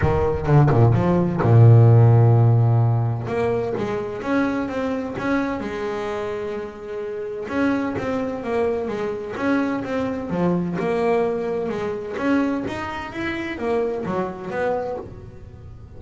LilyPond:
\new Staff \with { instrumentName = "double bass" } { \time 4/4 \tempo 4 = 128 dis4 d8 ais,8 f4 ais,4~ | ais,2. ais4 | gis4 cis'4 c'4 cis'4 | gis1 |
cis'4 c'4 ais4 gis4 | cis'4 c'4 f4 ais4~ | ais4 gis4 cis'4 dis'4 | e'4 ais4 fis4 b4 | }